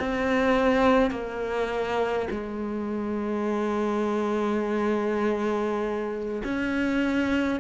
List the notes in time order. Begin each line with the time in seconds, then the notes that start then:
0.00 C4
1.11 A#3
2.31 G#3
6.44 C#4